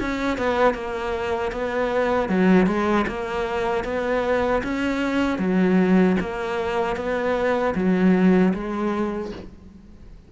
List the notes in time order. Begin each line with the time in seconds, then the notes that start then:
0.00 C#4
0.38 B3
0.74 A#3
1.52 B3
2.29 F#3
2.66 G#3
3.07 A#3
3.84 B3
4.63 C#4
5.39 F#3
6.20 A#3
6.96 B3
7.75 F#3
8.54 G#3